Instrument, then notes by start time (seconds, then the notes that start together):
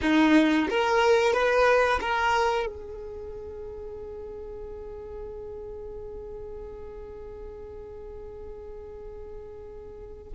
violin
0.02 D#4
0.69 A#4
1.33 B4
2.01 A#4
2.66 G#4